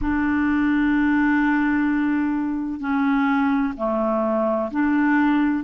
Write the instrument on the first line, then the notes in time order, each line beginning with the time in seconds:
clarinet
0.01 D4
2.80 C#4
3.76 A3
4.71 D4